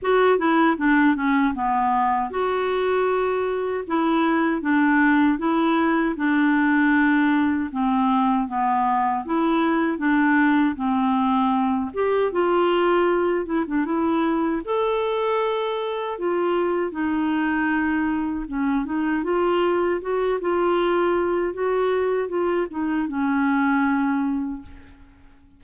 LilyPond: \new Staff \with { instrumentName = "clarinet" } { \time 4/4 \tempo 4 = 78 fis'8 e'8 d'8 cis'8 b4 fis'4~ | fis'4 e'4 d'4 e'4 | d'2 c'4 b4 | e'4 d'4 c'4. g'8 |
f'4. e'16 d'16 e'4 a'4~ | a'4 f'4 dis'2 | cis'8 dis'8 f'4 fis'8 f'4. | fis'4 f'8 dis'8 cis'2 | }